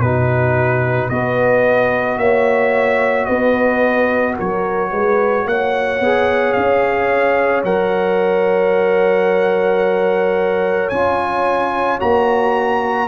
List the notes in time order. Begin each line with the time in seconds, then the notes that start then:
0.00 B2 D#4 F#4 B4
1.10 B3 F#4 B4 D#5
2.17 A#3 C#5 E5
3.25 B3 B4 D#5
4.36 F#3 A#4 C#5
4.91 G#3 B4
5.46 A#3 C#5 F#5
6.00 B3 G#4
6.53 C#4 F5
7.64 F#3 A#4 F#5
10.90 C#4 F4 G#5
12.00 A#3 F#4 A#5